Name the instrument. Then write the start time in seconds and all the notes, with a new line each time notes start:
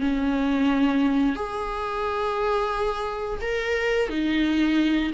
viola
0.00 C#4
1.35 G#4
3.41 A#4
4.09 D#4